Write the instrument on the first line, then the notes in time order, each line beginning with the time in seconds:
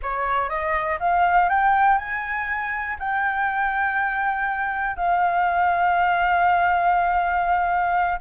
flute
0.02 C#5
0.49 D#5
0.99 F5
1.49 G5
1.98 G#5
2.99 G5
4.96 F5